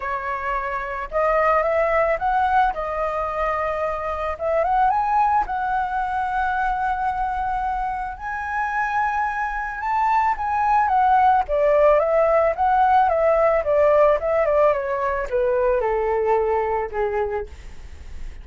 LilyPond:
\new Staff \with { instrumentName = "flute" } { \time 4/4 \tempo 4 = 110 cis''2 dis''4 e''4 | fis''4 dis''2. | e''8 fis''8 gis''4 fis''2~ | fis''2. gis''4~ |
gis''2 a''4 gis''4 | fis''4 d''4 e''4 fis''4 | e''4 d''4 e''8 d''8 cis''4 | b'4 a'2 gis'4 | }